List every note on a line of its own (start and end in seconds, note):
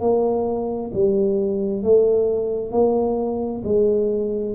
0.00 0.91 A#3
0.93 1.83 G3
1.83 2.71 A3
2.71 3.62 A#3
3.64 4.55 G#3